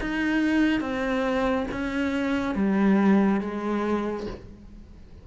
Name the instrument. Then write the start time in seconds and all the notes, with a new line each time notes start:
cello
0.00 D#4
0.80 C4
1.71 C#4
2.54 G3
3.40 G#3